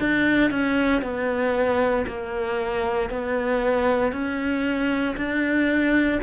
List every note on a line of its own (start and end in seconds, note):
0.00 0.51 D4
0.51 1.02 C#4
1.02 2.05 B3
2.07 3.10 A#3
3.10 4.12 B3
4.12 5.16 C#4
5.17 6.20 D4